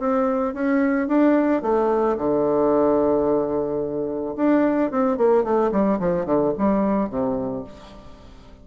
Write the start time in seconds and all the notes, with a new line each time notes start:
0.00 C4
0.54 C#4
1.08 D4
1.63 A3
2.18 D3
4.37 D4
4.91 C4
5.18 A#3
5.44 A3
5.72 G3
6.00 F3
6.26 D3
6.58 G3
7.10 C3